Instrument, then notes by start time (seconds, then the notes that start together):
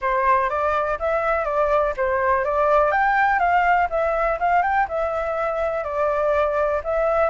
flute
0.01 C5
0.49 D5
0.99 E5
1.44 D5
1.96 C5
2.44 D5
2.91 G5
3.39 F5
3.90 E5
4.39 F5
4.62 G5
4.88 E5
5.83 D5
6.84 E5